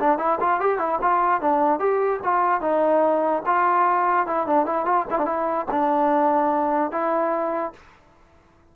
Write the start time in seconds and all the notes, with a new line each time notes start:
0.00 D4
0.19 E4
0.40 F4
0.61 G4
0.79 E4
1.01 F4
1.41 D4
1.80 G4
2.24 F4
2.61 D#4
3.46 F4
4.27 E4
4.47 D4
4.66 E4
4.86 F4
5.11 E4
5.19 D4
5.26 E4
5.71 D4
6.92 E4